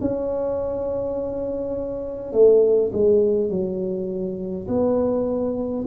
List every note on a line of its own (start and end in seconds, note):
0.00 2.32 C#4
2.32 2.91 A3
2.92 3.49 G#3
3.49 4.67 F#3
4.67 5.85 B3